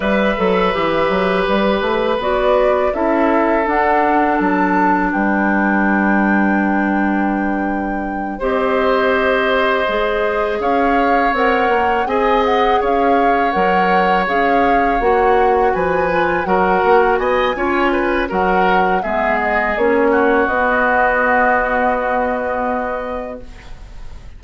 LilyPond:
<<
  \new Staff \with { instrumentName = "flute" } { \time 4/4 \tempo 4 = 82 e''2 b'4 d''4 | e''4 fis''4 a''4 g''4~ | g''2.~ g''8 dis''8~ | dis''2~ dis''8 f''4 fis''8~ |
fis''8 gis''8 fis''8 f''4 fis''4 f''8~ | f''8 fis''4 gis''4 fis''4 gis''8~ | gis''4 fis''4 e''8 dis''8 cis''4 | dis''1 | }
  \new Staff \with { instrumentName = "oboe" } { \time 4/4 b'1 | a'2. b'4~ | b'2.~ b'8 c''8~ | c''2~ c''8 cis''4.~ |
cis''8 dis''4 cis''2~ cis''8~ | cis''4. b'4 ais'4 dis''8 | cis''8 b'8 ais'4 gis'4. fis'8~ | fis'1 | }
  \new Staff \with { instrumentName = "clarinet" } { \time 4/4 b'8 a'8 g'2 fis'4 | e'4 d'2.~ | d'2.~ d'8 g'8~ | g'4. gis'2 ais'8~ |
ais'8 gis'2 ais'4 gis'8~ | gis'8 fis'4. f'8 fis'4. | f'4 fis'4 b4 cis'4 | b1 | }
  \new Staff \with { instrumentName = "bassoon" } { \time 4/4 g8 fis8 e8 fis8 g8 a8 b4 | cis'4 d'4 fis4 g4~ | g2.~ g8 c'8~ | c'4. gis4 cis'4 c'8 |
ais8 c'4 cis'4 fis4 cis'8~ | cis'8 ais4 f4 fis8 ais8 b8 | cis'4 fis4 gis4 ais4 | b1 | }
>>